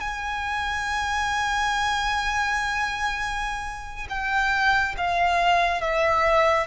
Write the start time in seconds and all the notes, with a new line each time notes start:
0.00 G#5
4.09 G5
4.97 F5
5.81 E5